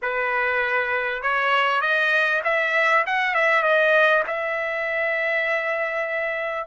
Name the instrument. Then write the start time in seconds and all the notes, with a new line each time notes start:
trumpet
0.02 B4
1.22 C#5
1.81 D#5
2.44 E5
3.06 F#5
3.34 E5
3.62 D#5
4.27 E5